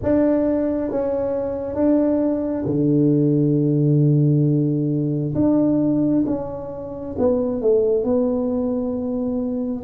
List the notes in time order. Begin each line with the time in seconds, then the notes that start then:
0.02 D4
0.90 C#4
1.74 D4
2.65 D3
5.34 D4
6.26 C#4
7.18 B3
7.61 A3
8.04 B3